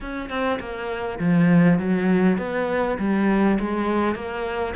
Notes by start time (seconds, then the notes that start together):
0.00 C#4
0.29 C4
0.59 A#3
1.19 F3
1.78 F#3
2.38 B3
2.99 G3
3.59 G#3
4.15 A#3